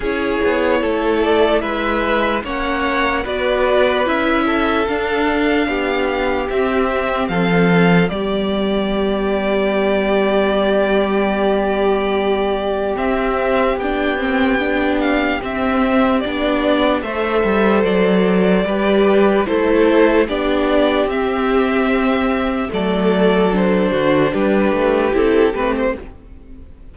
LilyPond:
<<
  \new Staff \with { instrumentName = "violin" } { \time 4/4 \tempo 4 = 74 cis''4. d''8 e''4 fis''4 | d''4 e''4 f''2 | e''4 f''4 d''2~ | d''1 |
e''4 g''4. f''8 e''4 | d''4 e''4 d''2 | c''4 d''4 e''2 | d''4 c''4 b'4 a'8 b'16 c''16 | }
  \new Staff \with { instrumentName = "violin" } { \time 4/4 gis'4 a'4 b'4 cis''4 | b'4. a'4. g'4~ | g'4 a'4 g'2~ | g'1~ |
g'1~ | g'4 c''2 b'4 | a'4 g'2. | a'4. fis'8 g'2 | }
  \new Staff \with { instrumentName = "viola" } { \time 4/4 e'2. cis'4 | fis'4 e'4 d'2 | c'2 b2~ | b1 |
c'4 d'8 c'8 d'4 c'4 | d'4 a'2 g'4 | e'4 d'4 c'2 | a4 d'2 e'8 c'8 | }
  \new Staff \with { instrumentName = "cello" } { \time 4/4 cis'8 b8 a4 gis4 ais4 | b4 cis'4 d'4 b4 | c'4 f4 g2~ | g1 |
c'4 b2 c'4 | b4 a8 g8 fis4 g4 | a4 b4 c'2 | fis4. d8 g8 a8 c'8 a8 | }
>>